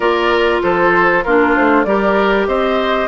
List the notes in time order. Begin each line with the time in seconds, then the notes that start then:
0.00 A#3 F4 A#4 D5
0.62 F3 A4 C5
1.23 A#3 D4 F4 A#4
1.55 A3 C5
1.84 G3 G4 A#4 D5
2.47 C4 C5 D#5